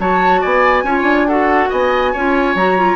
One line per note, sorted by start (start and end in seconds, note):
0.00 0.43 F#3
0.00 0.86 F#4
0.00 0.41 C#5
0.00 0.43 A5
0.41 0.84 B3
0.41 0.84 D5
0.41 1.28 G#5
0.84 1.02 C#4
0.84 1.29 F4
0.84 1.28 C#5
1.02 1.67 D4
1.28 2.15 F#4
1.28 1.70 A4
1.28 1.71 F#5
1.70 2.14 B3
1.70 2.13 D#5
1.70 2.57 G#5
2.13 2.55 C#4
2.13 2.58 F4
2.13 2.97 C#5
2.55 2.97 F#3
2.55 2.78 F#4
2.55 2.97 A#5
2.78 2.97 F4